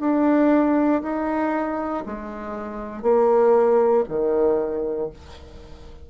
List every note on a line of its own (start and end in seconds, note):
0.00 1.02 D4
1.02 2.04 D#4
2.06 3.02 G#3
3.02 4.04 A#3
4.08 5.10 D#3